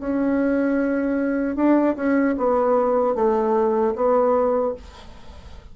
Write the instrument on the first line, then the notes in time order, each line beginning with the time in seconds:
bassoon
0.00 C#4
1.56 D4
1.96 C#4
2.38 B3
3.15 A3
3.95 B3